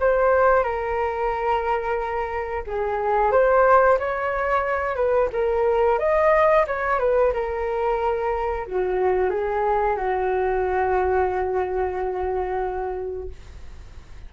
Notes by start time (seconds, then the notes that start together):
0.00 C5
0.64 A#4
2.67 G#4
3.32 C5
3.99 C#5
4.95 B4
5.33 A#4
5.99 D#5
6.67 C#5
6.99 B4
7.33 A#4
8.67 F#4
9.30 G#4
9.96 F#4